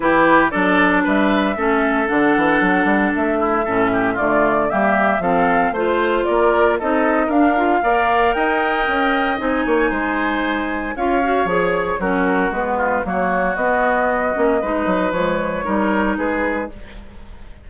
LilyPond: <<
  \new Staff \with { instrumentName = "flute" } { \time 4/4 \tempo 4 = 115 b'4 d''4 e''2 | fis''2 e''2 | d''4 e''4 f''4 c''4 | d''4 dis''4 f''2 |
g''2 gis''2~ | gis''4 f''4 cis''4 ais'4 | b'4 cis''4 dis''2~ | dis''4 cis''2 b'4 | }
  \new Staff \with { instrumentName = "oboe" } { \time 4/4 g'4 a'4 b'4 a'4~ | a'2~ a'8 e'8 a'8 g'8 | f'4 g'4 a'4 c''4 | ais'4 a'4 ais'4 d''4 |
dis''2~ dis''8 cis''8 c''4~ | c''4 cis''2 fis'4~ | fis'8 f'8 fis'2. | b'2 ais'4 gis'4 | }
  \new Staff \with { instrumentName = "clarinet" } { \time 4/4 e'4 d'2 cis'4 | d'2. cis'4 | a4 ais4 c'4 f'4~ | f'4 dis'4 d'8 f'8 ais'4~ |
ais'2 dis'2~ | dis'4 f'8 fis'8 gis'4 cis'4 | b4 ais4 b4. cis'8 | dis'4 gis4 dis'2 | }
  \new Staff \with { instrumentName = "bassoon" } { \time 4/4 e4 fis4 g4 a4 | d8 e8 fis8 g8 a4 a,4 | d4 g4 f4 a4 | ais4 c'4 d'4 ais4 |
dis'4 cis'4 c'8 ais8 gis4~ | gis4 cis'4 f4 fis4 | gis4 fis4 b4. ais8 | gis8 fis8 f4 g4 gis4 | }
>>